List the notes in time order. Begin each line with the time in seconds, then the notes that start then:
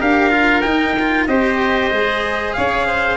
0.00 D4 G4 A#4 F5
0.30 F4
0.61 D#4 G5
0.99 F4
1.27 C4 G4 C5 D#5
1.91 G#3 G#4
2.54 C#4 C#5 F5
2.87 C5